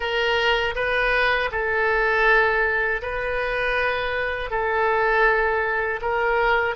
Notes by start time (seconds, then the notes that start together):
0.00 A#4
0.75 B4
1.51 A4
3.02 B4
4.50 A4
6.01 A#4